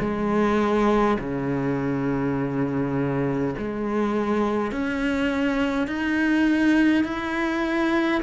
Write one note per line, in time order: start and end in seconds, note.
0.00 1.18 G#3
1.19 3.55 C#3
3.58 4.72 G#3
4.72 5.88 C#4
5.88 7.04 D#4
7.04 8.22 E4